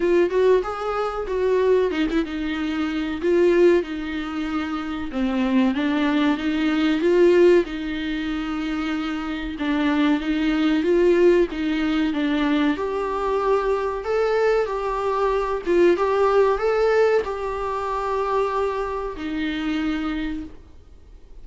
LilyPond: \new Staff \with { instrumentName = "viola" } { \time 4/4 \tempo 4 = 94 f'8 fis'8 gis'4 fis'4 dis'16 e'16 dis'8~ | dis'4 f'4 dis'2 | c'4 d'4 dis'4 f'4 | dis'2. d'4 |
dis'4 f'4 dis'4 d'4 | g'2 a'4 g'4~ | g'8 f'8 g'4 a'4 g'4~ | g'2 dis'2 | }